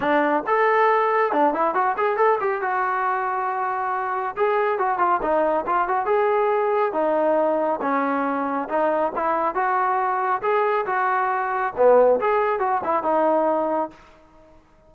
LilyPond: \new Staff \with { instrumentName = "trombone" } { \time 4/4 \tempo 4 = 138 d'4 a'2 d'8 e'8 | fis'8 gis'8 a'8 g'8 fis'2~ | fis'2 gis'4 fis'8 f'8 | dis'4 f'8 fis'8 gis'2 |
dis'2 cis'2 | dis'4 e'4 fis'2 | gis'4 fis'2 b4 | gis'4 fis'8 e'8 dis'2 | }